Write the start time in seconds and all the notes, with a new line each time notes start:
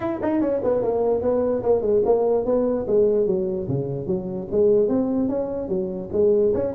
0.00 E4
0.22 D#4
0.40 C#4
0.63 B3
0.82 A#3
1.21 B3
1.63 A#3
1.81 G#3
2.05 A#3
2.45 B3
2.87 G#3
3.26 F#3
3.68 C#3
4.06 F#3
4.51 G#3
4.88 C4
5.29 C#4
5.68 F#3
6.12 G#3
6.54 C#4